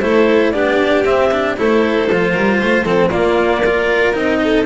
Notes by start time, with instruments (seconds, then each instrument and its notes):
0.00 double bass A3, cello E4, violin A4, clarinet C5
0.52 double bass B3, cello D4, violin G4, clarinet D5
1.05 cello C4, double bass C4, clarinet E5
1.32 cello D4
1.57 double bass A3, cello E4, violin A4, clarinet C5
2.10 double bass F3, cello F4
2.31 double bass G3, violin A#4
2.59 double bass A3, violin C5
2.84 double bass F3, cello C4, violin A4
3.10 cello A#3, double bass A#3, violin F4, clarinet D5
3.61 cello F4, violin A#4
4.14 double bass C4, cello D#4, clarinet D#5
4.44 violin A4